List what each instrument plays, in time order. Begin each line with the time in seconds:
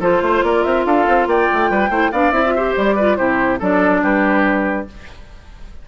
0.00 bassoon F3, clarinet F4, oboe A4, flute C5
0.22 bassoon A3, oboe C5
0.43 bassoon A#3, oboe A#4, flute D5
0.64 bassoon C4, flute E5
0.85 bassoon D4, oboe A4, flute F5
1.08 bassoon C4
1.27 bassoon A#3, oboe D5, flute G5
1.53 bassoon A3
1.70 bassoon G3, oboe B4
1.90 bassoon A3, clarinet E4, oboe C5
2.12 bassoon B3, clarinet D4, oboe D5, flute F5
2.32 bassoon C4, clarinet E4, flute E5
2.46 clarinet F4
2.56 clarinet G4, oboe C5
2.77 bassoon G3, flute D5
2.96 clarinet F4, oboe B4
3.16 bassoon C3, clarinet E4, oboe G4, flute C5
3.59 bassoon F#3, clarinet D4, oboe A4, flute D5
4.02 bassoon G3, oboe G4, flute B4